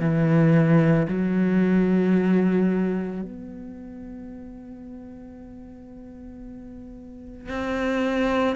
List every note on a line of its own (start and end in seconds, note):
0.00 1.07 E3
1.08 3.22 F#3
3.22 7.49 B3
7.49 8.56 C4